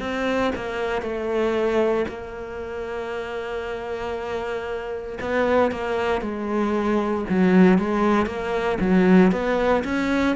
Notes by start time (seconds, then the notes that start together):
0.00 C4
0.56 A#3
1.02 A3
2.08 A#3
5.21 B3
5.72 A#3
6.22 G#3
7.30 F#3
7.79 G#3
8.27 A#3
8.81 F#3
9.32 B3
9.85 C#4